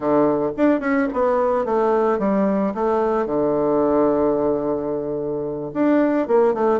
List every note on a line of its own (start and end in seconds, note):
0.00 0.51 D3
0.57 0.80 D4
0.80 1.07 C#4
1.13 1.65 B3
1.65 2.18 A3
2.18 2.73 G3
2.74 3.26 A3
3.26 5.71 D3
5.73 6.27 D4
6.27 6.54 A#3
6.54 6.80 A3